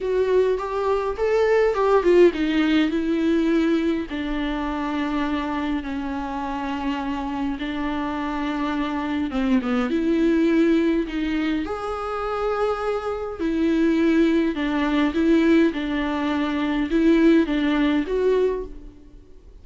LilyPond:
\new Staff \with { instrumentName = "viola" } { \time 4/4 \tempo 4 = 103 fis'4 g'4 a'4 g'8 f'8 | dis'4 e'2 d'4~ | d'2 cis'2~ | cis'4 d'2. |
c'8 b8 e'2 dis'4 | gis'2. e'4~ | e'4 d'4 e'4 d'4~ | d'4 e'4 d'4 fis'4 | }